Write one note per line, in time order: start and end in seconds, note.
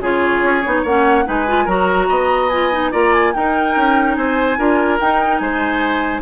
0.00 0.41 C#3
0.00 0.64 F4
0.00 0.82 G#4
0.00 0.85 C#5
0.43 0.64 C#4
0.65 0.84 B3
0.65 0.86 D#4
0.82 1.25 A#3
0.82 1.25 C#4
0.82 1.24 C#5
0.82 1.27 F#5
1.25 1.66 G#3
1.25 1.46 D#4
1.25 1.65 B4
1.25 1.68 G#5
1.47 1.68 F4
1.65 2.08 F#3
1.65 2.50 F#4
1.65 2.06 A#4
1.65 2.49 A#5
2.09 2.92 B3
2.09 2.91 D#5
2.49 2.72 F4
2.49 2.90 G#5
2.72 2.92 D#4
2.91 3.34 A#3
2.91 3.33 F4
2.91 3.32 D5
2.91 3.13 A#5
3.13 3.33 G#5
3.33 3.76 D#4
3.33 4.57 D#4
3.33 4.17 A#4
3.33 4.14 G5
3.76 4.16 C#4
4.14 4.58 C4
4.14 4.58 C5
4.14 4.97 G#5
4.57 4.99 D4
4.57 4.99 F4
4.57 5.41 A#4
5.00 5.40 D#4
5.00 6.21 D#4
5.00 5.38 G5
5.38 6.21 G#3
5.38 6.21 C5
5.38 6.21 G#5